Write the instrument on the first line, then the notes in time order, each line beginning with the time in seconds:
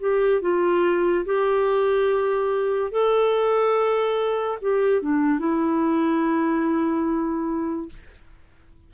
clarinet
0.00 G4
0.42 F4
1.25 G4
2.91 A4
4.61 G4
5.02 D4
5.39 E4